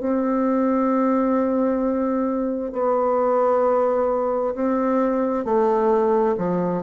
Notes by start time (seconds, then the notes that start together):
0.00 C4
2.73 B3
4.55 C4
5.45 A3
6.38 F3